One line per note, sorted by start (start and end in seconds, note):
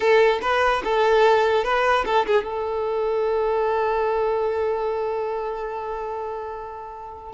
0.00 0.39 A4
0.41 0.82 B4
0.83 1.63 A4
1.63 2.04 B4
2.05 2.25 A4
2.26 2.44 G#4
2.44 7.33 A4